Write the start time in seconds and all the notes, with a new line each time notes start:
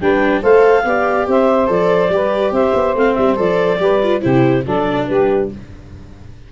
0.00 G3 D4 B4 G5
0.41 A3 A4 C5 F5
0.84 B3 G4 D5
1.27 C4 C5 E5
1.67 F3 A4 D5
2.09 G3 G4 B4
2.51 C4 C5 E5
2.74 B3
2.94 A3 C4 F5
3.14 G3 E5
3.36 F3 A4 D5
3.79 G3 G4 B4
4.03 F4
4.21 C3 E4 G4 C5
4.65 F#3 D4 A4 D5
5.06 G3 G4 B4